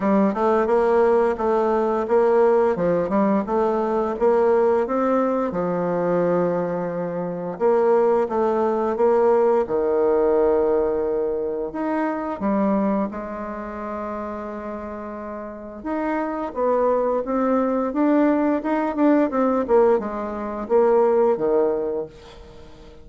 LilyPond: \new Staff \with { instrumentName = "bassoon" } { \time 4/4 \tempo 4 = 87 g8 a8 ais4 a4 ais4 | f8 g8 a4 ais4 c'4 | f2. ais4 | a4 ais4 dis2~ |
dis4 dis'4 g4 gis4~ | gis2. dis'4 | b4 c'4 d'4 dis'8 d'8 | c'8 ais8 gis4 ais4 dis4 | }